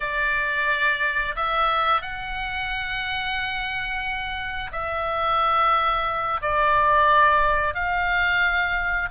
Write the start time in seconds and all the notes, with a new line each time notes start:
0.00 D5
1.35 E5
2.01 F#5
4.72 E5
6.41 D5
7.74 F5